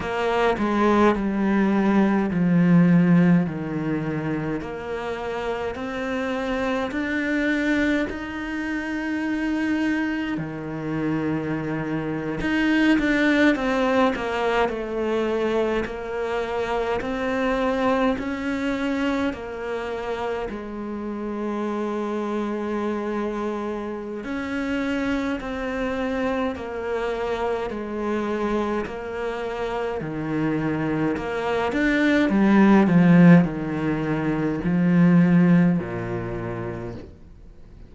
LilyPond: \new Staff \with { instrumentName = "cello" } { \time 4/4 \tempo 4 = 52 ais8 gis8 g4 f4 dis4 | ais4 c'4 d'4 dis'4~ | dis'4 dis4.~ dis16 dis'8 d'8 c'16~ | c'16 ais8 a4 ais4 c'4 cis'16~ |
cis'8. ais4 gis2~ gis16~ | gis4 cis'4 c'4 ais4 | gis4 ais4 dis4 ais8 d'8 | g8 f8 dis4 f4 ais,4 | }